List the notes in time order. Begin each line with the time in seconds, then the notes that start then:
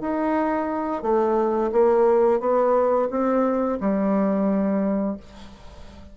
0.00 D#4
1.02 A3
1.72 A#3
2.40 B3
3.10 C4
3.80 G3